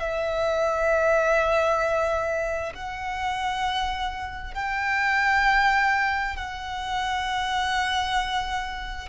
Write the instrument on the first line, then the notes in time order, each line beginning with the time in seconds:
violin
0.00 E5
2.74 F#5
4.54 G5
6.36 F#5